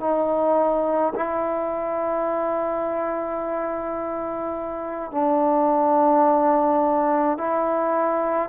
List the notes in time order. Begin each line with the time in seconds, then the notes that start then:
0.00 D#4
1.15 E4
5.11 D4
7.37 E4